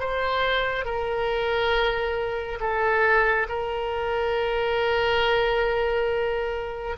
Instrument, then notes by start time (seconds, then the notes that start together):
oboe
0.00 C5
0.85 A#4
2.60 A4
3.49 A#4